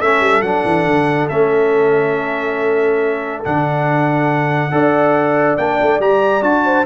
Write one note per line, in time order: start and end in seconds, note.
0.00 0.20 A3
0.00 0.44 C#4
0.00 4.72 A4
0.00 0.42 E5
0.20 0.41 G3
0.41 0.63 F#3
0.41 1.30 D4
0.41 1.28 F#5
0.65 0.86 E3
0.86 1.29 D3
1.28 3.45 A3
1.28 3.44 C#4
1.28 3.43 E5
3.45 4.72 D3
3.45 4.71 D4
3.45 5.57 F#5
4.71 5.57 D4
4.71 5.57 A4
4.71 6.65 D5
5.57 5.80 A#3
5.57 6.01 D4
5.57 6.00 G5
5.82 6.00 A3
6.00 6.42 G3
6.00 6.42 G4
6.00 6.43 A#5
6.42 6.84 D4
6.42 6.85 F#4
6.42 6.86 A5
6.65 6.86 C5